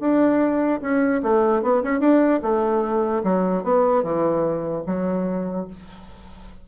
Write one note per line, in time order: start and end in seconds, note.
0.00 0.81 D4
0.81 1.22 C#4
1.23 1.63 A3
1.63 1.83 B3
1.83 2.00 C#4
2.00 2.41 D4
2.43 3.23 A3
3.24 3.64 F#3
3.64 4.03 B3
4.03 4.84 E3
4.87 5.67 F#3